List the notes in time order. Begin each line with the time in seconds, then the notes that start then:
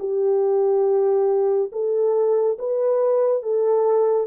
0.00 G4
1.72 A4
2.59 B4
3.43 A4